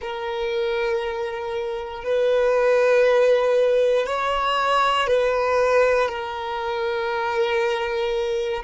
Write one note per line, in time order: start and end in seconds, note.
0.01 2.03 A#4
2.03 4.06 B4
4.06 5.07 C#5
5.07 6.08 B4
6.08 8.63 A#4